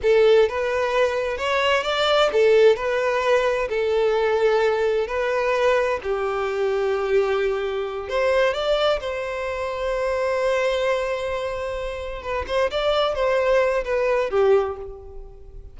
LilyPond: \new Staff \with { instrumentName = "violin" } { \time 4/4 \tempo 4 = 130 a'4 b'2 cis''4 | d''4 a'4 b'2 | a'2. b'4~ | b'4 g'2.~ |
g'4. c''4 d''4 c''8~ | c''1~ | c''2~ c''8 b'8 c''8 d''8~ | d''8 c''4. b'4 g'4 | }